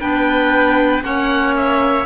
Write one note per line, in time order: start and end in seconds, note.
0.00 1.03 B3
0.00 1.02 D4
0.00 1.03 B4
0.00 1.04 G5
1.02 2.06 A#3
1.02 2.05 C#4
1.02 2.06 C#5
1.02 1.56 F#5
1.56 2.06 E5